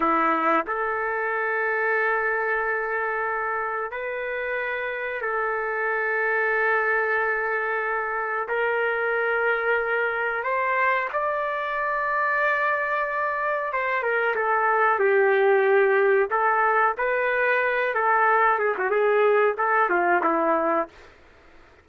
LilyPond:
\new Staff \with { instrumentName = "trumpet" } { \time 4/4 \tempo 4 = 92 e'4 a'2.~ | a'2 b'2 | a'1~ | a'4 ais'2. |
c''4 d''2.~ | d''4 c''8 ais'8 a'4 g'4~ | g'4 a'4 b'4. a'8~ | a'8 gis'16 fis'16 gis'4 a'8 f'8 e'4 | }